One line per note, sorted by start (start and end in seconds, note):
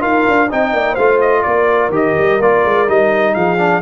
0.00 0.26 D#4
0.00 0.48 F4
0.00 0.48 A#4
0.00 0.50 F5
0.28 0.52 D4
0.48 0.73 C4
0.48 0.98 D#4
0.48 0.72 D#5
0.48 0.95 G5
0.73 0.97 A#3
0.73 0.93 D5
0.93 1.45 A3
0.93 1.40 C5
0.93 1.19 F5
0.99 1.92 F4
1.21 1.43 D#5
1.43 1.90 A#3
1.43 3.36 A#4
1.43 1.91 D5
1.90 2.13 D#3
1.90 2.40 G4
1.96 2.42 D#5
2.19 2.40 G3
2.40 2.64 A#3
2.40 2.88 F4
2.40 2.89 D5
2.65 2.89 G#3
2.88 3.36 G3
2.88 3.58 D#4
2.88 3.35 D#5
3.35 3.82 F3
3.35 3.82 G#4
3.35 3.82 F5
3.58 3.82 D4